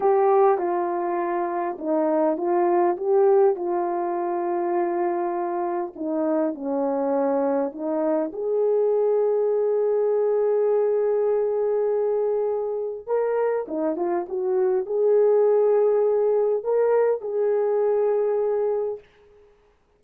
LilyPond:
\new Staff \with { instrumentName = "horn" } { \time 4/4 \tempo 4 = 101 g'4 f'2 dis'4 | f'4 g'4 f'2~ | f'2 dis'4 cis'4~ | cis'4 dis'4 gis'2~ |
gis'1~ | gis'2 ais'4 dis'8 f'8 | fis'4 gis'2. | ais'4 gis'2. | }